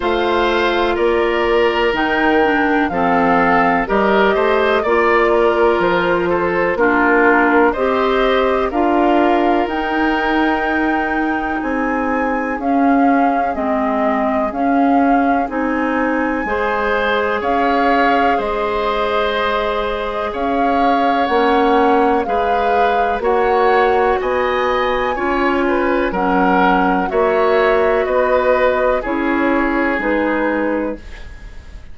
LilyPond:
<<
  \new Staff \with { instrumentName = "flute" } { \time 4/4 \tempo 4 = 62 f''4 d''4 g''4 f''4 | dis''4 d''4 c''4 ais'4 | dis''4 f''4 g''2 | gis''4 f''4 dis''4 f''4 |
gis''2 f''4 dis''4~ | dis''4 f''4 fis''4 f''4 | fis''4 gis''2 fis''4 | e''4 dis''4 cis''4 b'4 | }
  \new Staff \with { instrumentName = "oboe" } { \time 4/4 c''4 ais'2 a'4 | ais'8 c''8 d''8 ais'4 a'8 f'4 | c''4 ais'2. | gis'1~ |
gis'4 c''4 cis''4 c''4~ | c''4 cis''2 b'4 | cis''4 dis''4 cis''8 b'8 ais'4 | cis''4 b'4 gis'2 | }
  \new Staff \with { instrumentName = "clarinet" } { \time 4/4 f'2 dis'8 d'8 c'4 | g'4 f'2 d'4 | g'4 f'4 dis'2~ | dis'4 cis'4 c'4 cis'4 |
dis'4 gis'2.~ | gis'2 cis'4 gis'4 | fis'2 f'4 cis'4 | fis'2 e'4 dis'4 | }
  \new Staff \with { instrumentName = "bassoon" } { \time 4/4 a4 ais4 dis4 f4 | g8 a8 ais4 f4 ais4 | c'4 d'4 dis'2 | c'4 cis'4 gis4 cis'4 |
c'4 gis4 cis'4 gis4~ | gis4 cis'4 ais4 gis4 | ais4 b4 cis'4 fis4 | ais4 b4 cis'4 gis4 | }
>>